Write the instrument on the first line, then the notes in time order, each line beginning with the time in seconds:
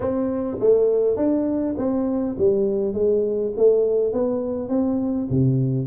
tuba
0.00 C4
0.59 A3
1.16 D4
1.77 C4
2.37 G3
2.93 G#3
3.56 A3
4.13 B3
4.68 C4
5.29 C3